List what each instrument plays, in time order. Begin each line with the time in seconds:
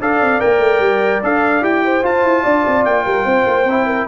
0.00 tuba D4, trombone A4, horn D5, trumpet F5
0.21 tuba C4
0.39 tuba A#3, trombone A#4, trumpet G5
0.59 tuba A3
0.80 tuba G3
1.23 tuba D4, trombone A4, trumpet F5
1.61 tuba E4, trombone G4, trumpet G5
1.85 horn C5
2.03 trombone F4, tuba F4, trumpet A5
2.23 tuba E4
2.43 tuba D4, horn D5
2.67 tuba C4
2.84 tuba A#3, trumpet G5
3.05 tuba G3, horn A#4
3.25 tuba C4, horn C5
3.46 tuba A#3
3.65 tuba C4, trombone E4
3.86 horn A#4